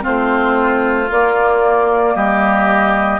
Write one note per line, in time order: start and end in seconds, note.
0.00 1.10 A3
0.00 1.05 C4
0.00 2.14 F4
0.00 1.10 C5
1.10 2.15 A#3
1.10 3.20 A#3
1.10 2.15 D5
2.15 3.20 G3
2.15 3.20 G4
2.15 3.20 D#5